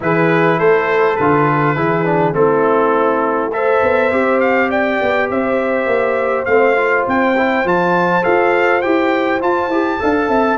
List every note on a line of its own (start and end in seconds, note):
0.00 0.59 E3
0.00 1.17 E4
0.00 0.58 G#4
0.00 0.59 B4
0.58 1.18 A3
0.58 1.76 A4
0.58 1.16 C5
1.16 1.76 D3
1.16 1.76 F4
1.16 2.34 B4
1.76 2.33 E3
1.76 2.05 E4
1.76 2.35 G#4
2.05 2.33 D4
2.33 3.80 A3
2.33 3.50 C4
2.33 3.54 E4
2.33 3.52 A4
3.52 4.11 A4
3.52 4.70 C5
3.52 4.40 E5
3.82 4.11 B3
4.11 5.00 C4
4.11 6.47 G4
4.40 4.69 F5
4.70 5.28 D5
4.70 5.29 G5
5.01 5.29 B3
5.29 5.86 C4
5.29 10.00 C5
5.29 6.45 E5
5.86 6.45 A#3
6.45 7.05 A3
6.45 6.76 C4
6.45 7.03 F5
6.76 7.35 F4
7.07 7.64 C4
7.07 7.67 G5
7.37 7.65 E4
7.64 8.23 F3
7.64 8.22 F4
7.64 8.24 A5
8.22 8.85 F4
8.22 8.81 A4
8.22 8.81 F5
8.81 9.42 E4
8.81 9.40 G4
8.81 9.40 G5
9.40 9.70 F4
9.40 9.68 F4
9.40 10.57 A5
9.68 9.97 E4
9.68 9.99 G4
9.99 10.28 D4
9.99 10.57 A4
9.99 10.30 F5
10.28 10.57 C4
10.28 10.57 E5